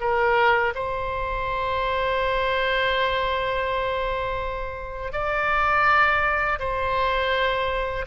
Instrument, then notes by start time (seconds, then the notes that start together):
oboe
0.00 A#4
0.74 C5
5.12 D5
6.59 C5